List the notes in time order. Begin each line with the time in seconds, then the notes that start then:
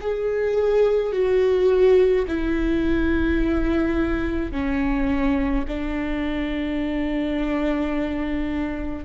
0.00 G#4
1.12 F#4
2.27 E4
4.52 C#4
5.68 D4